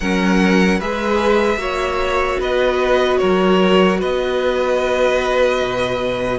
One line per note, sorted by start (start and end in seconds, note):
0.00 0.81 F#3
0.00 0.80 C#4
0.00 0.78 A#4
0.00 0.80 F#5
0.78 1.56 G#3
0.78 1.57 G#4
0.78 1.58 B4
0.78 2.40 E5
1.56 2.36 A#3
1.56 6.37 F#4
1.56 2.39 C#5
2.39 3.19 B3
2.39 3.19 B4
2.39 3.18 D#5
3.18 4.02 F#3
3.18 3.99 A#4
3.18 3.98 C#5
3.99 5.61 B3
3.99 6.38 B4
3.99 6.38 D#5
5.61 6.38 B2